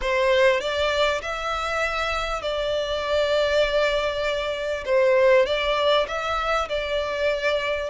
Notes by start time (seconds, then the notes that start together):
0.01 C5
0.60 D5
1.21 E5
2.42 D5
4.85 C5
5.46 D5
6.07 E5
6.69 D5